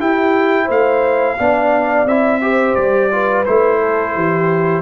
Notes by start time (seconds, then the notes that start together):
0.00 E4 G4 G5
0.66 A3 C5 F5
1.38 B3 D4 D5
2.06 C4 E4 E5
2.42 G4 C5
2.75 G3 D5
3.11 F4 B4
3.46 A3 E4 C5
3.79 A4
4.16 E3 G4